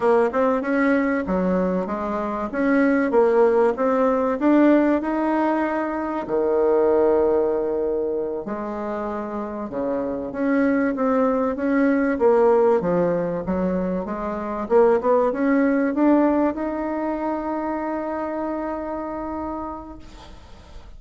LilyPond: \new Staff \with { instrumentName = "bassoon" } { \time 4/4 \tempo 4 = 96 ais8 c'8 cis'4 fis4 gis4 | cis'4 ais4 c'4 d'4 | dis'2 dis2~ | dis4. gis2 cis8~ |
cis8 cis'4 c'4 cis'4 ais8~ | ais8 f4 fis4 gis4 ais8 | b8 cis'4 d'4 dis'4.~ | dis'1 | }